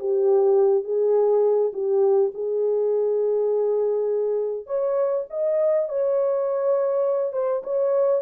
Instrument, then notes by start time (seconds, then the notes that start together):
horn
0.00 G4
0.84 G#4
1.74 G4
2.34 G#4
4.67 C#5
5.30 D#5
5.89 C#5
7.33 C5
7.64 C#5